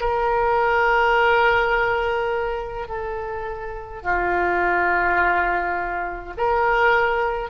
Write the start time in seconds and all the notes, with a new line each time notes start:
0.00 A#4
2.87 A4
4.02 F4
6.37 A#4